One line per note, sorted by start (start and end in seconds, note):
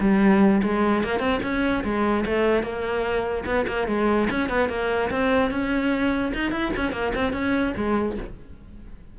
0.00 0.61 G3
0.63 1.03 G#3
1.03 1.19 A#3
1.19 1.40 C4
1.42 1.83 C#4
1.84 2.24 G#3
2.25 2.63 A3
2.63 3.44 A#3
3.45 3.66 B3
3.67 3.87 A#3
3.87 4.28 G#3
4.30 4.49 C#4
4.49 4.69 B3
4.69 5.10 A#3
5.10 5.50 C4
5.50 6.32 C#4
6.34 6.51 D#4
6.51 6.71 E4
6.76 6.92 C#4
6.92 7.12 A#3
7.14 7.32 C4
7.32 7.73 C#4
7.76 8.17 G#3